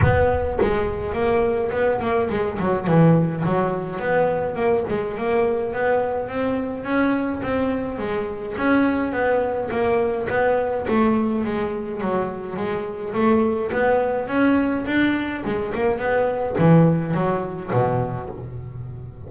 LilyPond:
\new Staff \with { instrumentName = "double bass" } { \time 4/4 \tempo 4 = 105 b4 gis4 ais4 b8 ais8 | gis8 fis8 e4 fis4 b4 | ais8 gis8 ais4 b4 c'4 | cis'4 c'4 gis4 cis'4 |
b4 ais4 b4 a4 | gis4 fis4 gis4 a4 | b4 cis'4 d'4 gis8 ais8 | b4 e4 fis4 b,4 | }